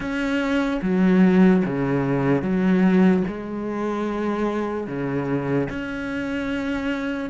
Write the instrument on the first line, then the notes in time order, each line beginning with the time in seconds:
cello
0.00 C#4
0.81 F#3
1.65 C#3
2.42 F#3
3.27 G#3
4.87 C#3
5.69 C#4